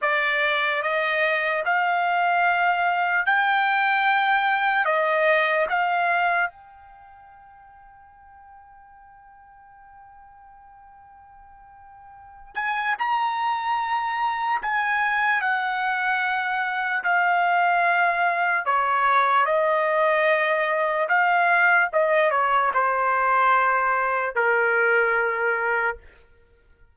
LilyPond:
\new Staff \with { instrumentName = "trumpet" } { \time 4/4 \tempo 4 = 74 d''4 dis''4 f''2 | g''2 dis''4 f''4 | g''1~ | g''2.~ g''8 gis''8 |
ais''2 gis''4 fis''4~ | fis''4 f''2 cis''4 | dis''2 f''4 dis''8 cis''8 | c''2 ais'2 | }